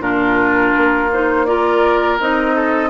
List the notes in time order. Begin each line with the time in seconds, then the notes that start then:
0.00 A#2 D4 F4 A#4
0.77 A#3
1.12 D#4 C5
1.45 F4 A#4 D5
2.20 C4 D#4 D#5
2.55 A4